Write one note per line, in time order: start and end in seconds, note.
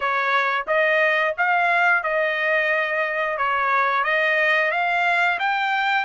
0.00 0.65 C#5
0.67 1.34 D#5
1.37 2.03 F5
2.03 3.37 D#5
3.37 4.04 C#5
4.04 4.71 D#5
4.71 5.38 F5
5.39 6.04 G5